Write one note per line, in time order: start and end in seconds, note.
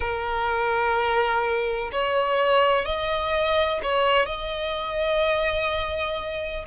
0.00 1.90 A#4
1.91 2.85 C#5
2.85 3.80 D#5
3.83 4.26 C#5
4.26 6.64 D#5